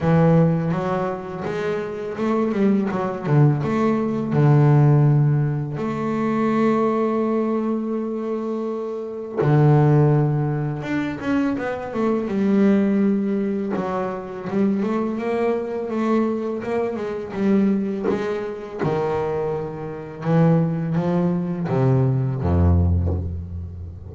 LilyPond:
\new Staff \with { instrumentName = "double bass" } { \time 4/4 \tempo 4 = 83 e4 fis4 gis4 a8 g8 | fis8 d8 a4 d2 | a1~ | a4 d2 d'8 cis'8 |
b8 a8 g2 fis4 | g8 a8 ais4 a4 ais8 gis8 | g4 gis4 dis2 | e4 f4 c4 f,4 | }